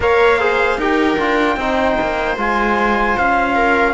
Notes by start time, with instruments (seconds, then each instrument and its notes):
0.00 cello A#3, trombone A#4, viola C#5, trumpet F5
0.38 trombone G#4, viola C5
0.77 cello D#4, trombone G4, viola A#4, trumpet G5
1.18 cello D4, trombone F4
1.56 cello C4, trombone D#4, viola C5
2.00 cello A#3
2.36 cello G#3, trombone F4, trumpet G#5
3.17 cello C#4, trumpet F5
3.55 viola A#4